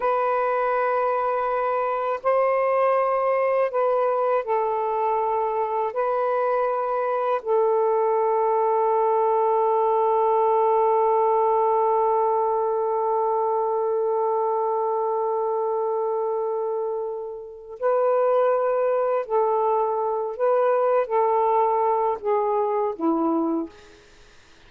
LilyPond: \new Staff \with { instrumentName = "saxophone" } { \time 4/4 \tempo 4 = 81 b'2. c''4~ | c''4 b'4 a'2 | b'2 a'2~ | a'1~ |
a'1~ | a'1 | b'2 a'4. b'8~ | b'8 a'4. gis'4 e'4 | }